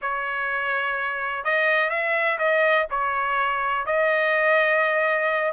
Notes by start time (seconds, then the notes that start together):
0.01 C#5
1.44 D#5
1.89 E5
2.38 D#5
2.90 C#5
3.86 D#5